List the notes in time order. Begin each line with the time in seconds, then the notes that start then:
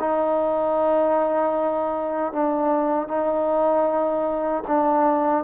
0.00 D#4
2.33 D4
3.08 D#4
4.68 D4